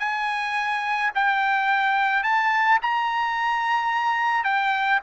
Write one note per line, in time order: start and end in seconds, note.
0.00 1.11 G#5
1.15 2.23 G5
2.23 2.79 A5
2.82 4.44 A#5
4.44 5.00 G5